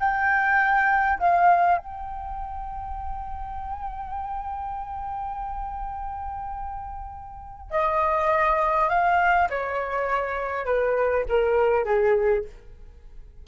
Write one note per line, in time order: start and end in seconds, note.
0.00 1.19 G5
1.19 1.78 F5
1.78 7.71 G5
7.71 8.89 D#5
8.89 9.48 F5
9.50 10.66 C#5
10.66 11.25 B4
11.29 11.85 A#4
11.85 12.44 G#4